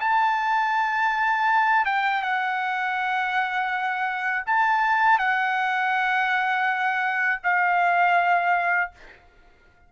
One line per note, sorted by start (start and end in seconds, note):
0.00 1.85 A5
1.85 2.22 G5
2.22 4.44 F#5
4.46 5.19 A5
5.19 7.41 F#5
7.43 8.91 F5